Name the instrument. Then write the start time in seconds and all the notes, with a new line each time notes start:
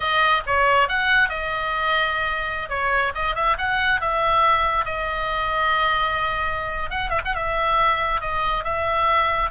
oboe
0.00 D#5
0.46 C#5
0.88 F#5
1.29 D#5
2.69 C#5
3.14 D#5
3.35 E5
3.57 F#5
4.00 E5
4.85 D#5
6.90 F#5
7.09 E5
7.25 F#5
7.35 E5
8.20 D#5
8.64 E5